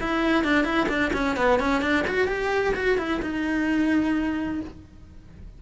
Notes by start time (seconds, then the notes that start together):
0.00 E4
0.44 D4
0.64 E4
0.88 D4
1.13 C#4
1.36 B3
1.59 C#4
1.81 D4
2.07 F#4
2.27 G4
2.75 F#4
2.98 E4
3.22 D#4